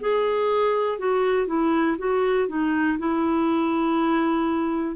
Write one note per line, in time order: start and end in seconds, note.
0.00 0.98 G#4
0.98 1.47 F#4
1.47 1.97 E4
1.98 2.48 F#4
2.48 2.98 D#4
2.99 4.96 E4